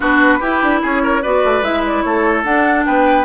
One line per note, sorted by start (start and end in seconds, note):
0.00 0.40 B3
0.00 0.41 D4
0.00 0.39 F#4
0.00 0.83 B4
0.39 0.61 E4
0.39 1.22 E4
0.39 0.80 G4
0.62 0.82 D4
0.82 1.24 C#4
0.82 1.02 G#4
0.82 1.23 C#5
1.02 1.22 A#4
1.22 1.44 B3
1.22 1.62 F#4
1.22 2.03 B4
1.22 1.63 D5
1.44 1.62 A3
1.62 2.02 G#3
1.62 2.44 E4
1.62 1.84 E5
1.86 2.02 D5
2.02 2.44 A3
2.02 2.86 A4
2.02 2.42 C#5
2.43 2.84 D4
2.43 3.24 D4
2.43 2.84 F#5
2.85 3.24 B3
2.85 3.24 B4
2.85 3.24 G5